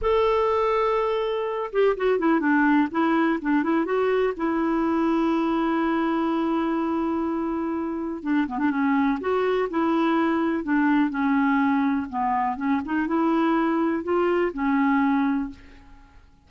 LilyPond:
\new Staff \with { instrumentName = "clarinet" } { \time 4/4 \tempo 4 = 124 a'2.~ a'8 g'8 | fis'8 e'8 d'4 e'4 d'8 e'8 | fis'4 e'2.~ | e'1~ |
e'4 d'8 b16 d'16 cis'4 fis'4 | e'2 d'4 cis'4~ | cis'4 b4 cis'8 dis'8 e'4~ | e'4 f'4 cis'2 | }